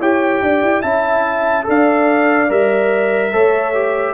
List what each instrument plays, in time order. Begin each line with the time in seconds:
0.00 tuba E4, trombone G4, horn C#5, trumpet G5
0.42 tuba D4, horn D5
0.62 tuba E4
0.82 tuba C#4, trombone E4, horn E5, trumpet A5
1.64 tuba D4, trombone A4, horn D5
1.70 trumpet F5
2.49 tuba G3, trombone A#4, trumpet E5
3.32 tuba A3, trombone A4, horn C#5
3.74 trombone G4